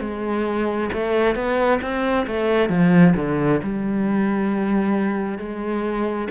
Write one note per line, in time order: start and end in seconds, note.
0.00 0.90 G#3
0.93 1.36 A3
1.36 1.80 B3
1.82 2.26 C4
2.27 2.69 A3
2.69 3.14 F3
3.16 3.61 D3
3.63 5.39 G3
5.39 6.28 G#3